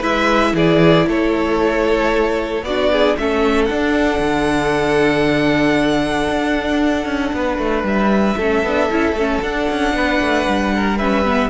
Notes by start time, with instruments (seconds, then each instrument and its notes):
0.00 cello G#3, viola E4, violin B4 E5
0.53 cello E3, violin G#4 D5
1.07 cello A3, violin A4 C#5
2.62 cello B3, violin F#4 D5
2.69 viola D4
2.92 violin G#4
3.17 cello A3, viola C#4, violin A4 E5
3.65 viola D4, cello D4, violin F#5
4.19 cello D3
6.29 cello D4
7.06 cello C#4
7.33 cello B3, violin B4
7.58 cello A3
7.83 cello G3, violin E5
8.37 cello A3, viola C#4, violin A4
8.63 cello B3, viola D4
8.89 cello C#4, viola E4
9.12 cello A3, viola C#4
9.42 cello D4, viola D4, violin F#5
9.70 cello C#4
9.93 cello B3, violin B4
10.21 cello A3
10.48 cello G3
10.75 violin A#4
10.98 viola C#4, violin B4 E5
11.25 viola B3